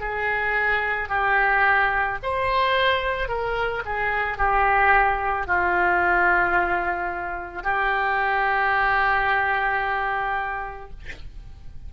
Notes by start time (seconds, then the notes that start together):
0.00 G#4
1.09 G4
2.23 C5
3.28 A#4
3.85 G#4
4.38 G4
5.47 F4
7.63 G4